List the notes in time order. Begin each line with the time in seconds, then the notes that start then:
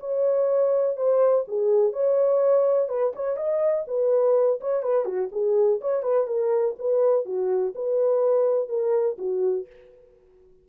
0.00 C#5
0.97 C5
1.48 G#4
1.93 C#5
2.89 B4
3.16 C#5
3.37 D#5
3.87 B4
4.61 C#5
4.83 B4
5.05 F#4
5.32 G#4
5.81 C#5
6.03 B4
6.27 A#4
6.79 B4
7.26 F#4
7.75 B4
8.69 A#4
9.18 F#4